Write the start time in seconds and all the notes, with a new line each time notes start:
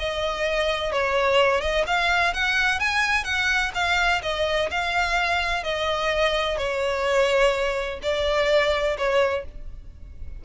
0.00 D#5
0.93 C#5
1.61 D#5
1.87 F5
2.34 F#5
2.80 G#5
3.25 F#5
3.75 F5
4.23 D#5
4.72 F5
5.64 D#5
6.58 C#5
8.03 D5
8.98 C#5